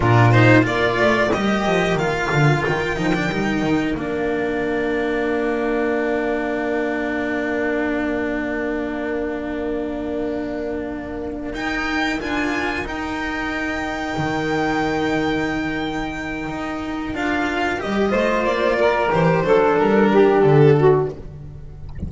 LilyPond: <<
  \new Staff \with { instrumentName = "violin" } { \time 4/4 \tempo 4 = 91 ais'8 c''8 d''4 dis''4 f''4 | g''2 f''2~ | f''1~ | f''1~ |
f''4. g''4 gis''4 g''8~ | g''1~ | g''2 f''4 dis''4 | d''4 c''4 ais'4 a'4 | }
  \new Staff \with { instrumentName = "saxophone" } { \time 4/4 f'4 ais'2.~ | ais'1~ | ais'1~ | ais'1~ |
ais'1~ | ais'1~ | ais'2.~ ais'8 c''8~ | c''8 ais'4 a'4 g'4 fis'8 | }
  \new Staff \with { instrumentName = "cello" } { \time 4/4 d'8 dis'8 f'4 g'4 f'4~ | f'8 dis'16 d'16 dis'4 d'2~ | d'1~ | d'1~ |
d'4. dis'4 f'4 dis'8~ | dis'1~ | dis'2 f'4 g'8 f'8~ | f'4 g'8 d'2~ d'8 | }
  \new Staff \with { instrumentName = "double bass" } { \time 4/4 ais,4 ais8 a8 g8 f8 dis8 d8 | dis8 f8 g8 dis8 ais2~ | ais1~ | ais1~ |
ais4. dis'4 d'4 dis'8~ | dis'4. dis2~ dis8~ | dis4 dis'4 d'4 g8 a8 | ais4 e8 fis8 g4 d4 | }
>>